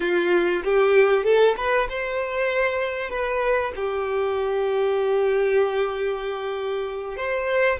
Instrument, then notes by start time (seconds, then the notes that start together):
violin
0.00 F4
0.64 G4
1.24 A4
1.57 B4
1.89 C5
3.09 B4
3.75 G4
7.16 C5